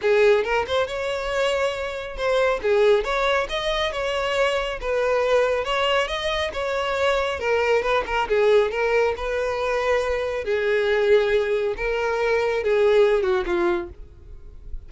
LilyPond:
\new Staff \with { instrumentName = "violin" } { \time 4/4 \tempo 4 = 138 gis'4 ais'8 c''8 cis''2~ | cis''4 c''4 gis'4 cis''4 | dis''4 cis''2 b'4~ | b'4 cis''4 dis''4 cis''4~ |
cis''4 ais'4 b'8 ais'8 gis'4 | ais'4 b'2. | gis'2. ais'4~ | ais'4 gis'4. fis'8 f'4 | }